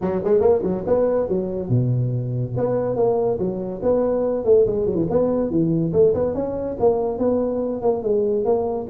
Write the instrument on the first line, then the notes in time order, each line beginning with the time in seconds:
tuba
0.01 F#3
0.23 G#3
0.40 A#3
0.62 F#3
0.86 B3
1.28 F#3
1.69 B2
2.57 B3
2.96 A#3
3.38 F#3
3.82 B3
4.44 A3
4.66 G#3
4.86 F#3
4.95 E3
5.10 B3
5.50 E3
5.92 A3
6.13 B3
6.34 C#4
6.79 A#3
7.18 B3
7.81 A#3
8.02 G#3
8.44 A#3